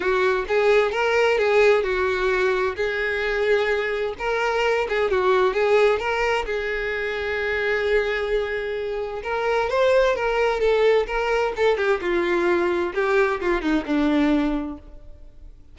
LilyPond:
\new Staff \with { instrumentName = "violin" } { \time 4/4 \tempo 4 = 130 fis'4 gis'4 ais'4 gis'4 | fis'2 gis'2~ | gis'4 ais'4. gis'8 fis'4 | gis'4 ais'4 gis'2~ |
gis'1 | ais'4 c''4 ais'4 a'4 | ais'4 a'8 g'8 f'2 | g'4 f'8 dis'8 d'2 | }